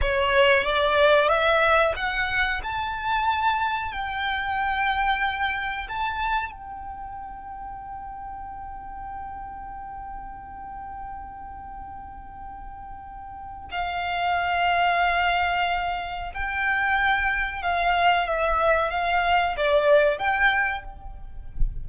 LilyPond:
\new Staff \with { instrumentName = "violin" } { \time 4/4 \tempo 4 = 92 cis''4 d''4 e''4 fis''4 | a''2 g''2~ | g''4 a''4 g''2~ | g''1~ |
g''1~ | g''4 f''2.~ | f''4 g''2 f''4 | e''4 f''4 d''4 g''4 | }